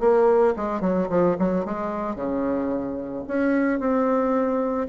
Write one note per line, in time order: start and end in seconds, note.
0.00 0.54 A#3
0.56 0.81 G#3
0.81 1.08 F#3
1.09 1.36 F3
1.39 1.65 F#3
1.65 2.16 G#3
2.16 3.24 C#3
3.28 3.80 C#4
3.80 4.88 C4